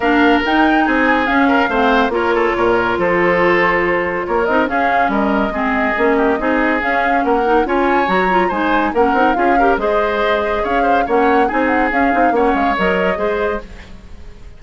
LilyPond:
<<
  \new Staff \with { instrumentName = "flute" } { \time 4/4 \tempo 4 = 141 f''4 g''4 gis''4 f''4~ | f''4 cis''2 c''4~ | c''2 cis''8 dis''8 f''4 | dis''1 |
f''4 fis''4 gis''4 ais''4 | gis''4 fis''4 f''4 dis''4~ | dis''4 f''4 fis''4 gis''8 fis''8 | f''4 fis''8 f''8 dis''2 | }
  \new Staff \with { instrumentName = "oboe" } { \time 4/4 ais'2 gis'4. ais'8 | c''4 ais'8 a'8 ais'4 a'4~ | a'2 ais'4 gis'4 | ais'4 gis'4. g'8 gis'4~ |
gis'4 ais'4 cis''2 | c''4 ais'4 gis'8 ais'8 c''4~ | c''4 cis''8 c''8 cis''4 gis'4~ | gis'4 cis''2 c''4 | }
  \new Staff \with { instrumentName = "clarinet" } { \time 4/4 d'4 dis'2 cis'4 | c'4 f'2.~ | f'2~ f'8 dis'8 cis'4~ | cis'4 c'4 cis'4 dis'4 |
cis'4. dis'8 f'4 fis'8 f'8 | dis'4 cis'8 dis'8 f'8 g'8 gis'4~ | gis'2 cis'4 dis'4 | cis'8 dis'8 cis'4 ais'4 gis'4 | }
  \new Staff \with { instrumentName = "bassoon" } { \time 4/4 ais4 dis'4 c'4 cis'4 | a4 ais4 ais,4 f4~ | f2 ais8 c'8 cis'4 | g4 gis4 ais4 c'4 |
cis'4 ais4 cis'4 fis4 | gis4 ais8 c'8 cis'4 gis4~ | gis4 cis'4 ais4 c'4 | cis'8 c'8 ais8 gis8 fis4 gis4 | }
>>